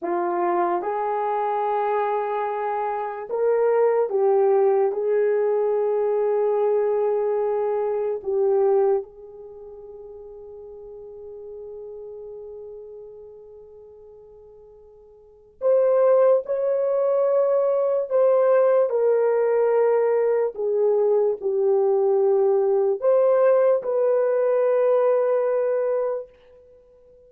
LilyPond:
\new Staff \with { instrumentName = "horn" } { \time 4/4 \tempo 4 = 73 f'4 gis'2. | ais'4 g'4 gis'2~ | gis'2 g'4 gis'4~ | gis'1~ |
gis'2. c''4 | cis''2 c''4 ais'4~ | ais'4 gis'4 g'2 | c''4 b'2. | }